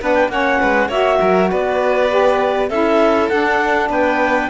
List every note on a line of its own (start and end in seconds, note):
0.00 0.28 B3
0.00 0.30 D4
0.00 0.31 B4
0.00 0.14 F#5
0.14 0.29 G5
0.28 0.58 A#3
0.28 0.90 C#4
0.28 0.60 C#5
0.28 0.90 F#5
0.60 0.88 G#3
0.60 0.88 B4
0.88 1.18 A#3
0.88 2.09 F#4
0.88 1.18 C#5
0.88 1.50 E5
1.20 1.51 F#3
1.20 1.50 A#4
1.50 2.70 B3
1.50 2.69 B4
1.50 2.69 D5
2.09 2.69 G4
2.69 3.30 C#4
2.69 3.30 E4
2.69 3.89 A4
2.69 3.29 E5
3.29 4.49 D4
3.29 3.89 D4
3.29 3.89 F#5
3.89 4.49 B3
3.89 4.49 B4
3.89 4.49 G5